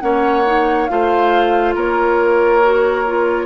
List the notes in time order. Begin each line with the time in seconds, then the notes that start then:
0.00 A#3 C#4 C#5 F#5
0.45 D#4
0.86 A3 F4 C5 F5
1.75 A#3 A#4 C#5
2.62 F#4
3.07 F4